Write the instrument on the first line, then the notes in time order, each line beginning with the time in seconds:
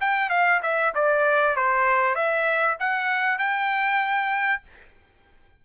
trumpet
0.00 G5
0.30 F5
0.62 E5
0.94 D5
1.56 C5
2.15 E5
2.79 F#5
3.38 G5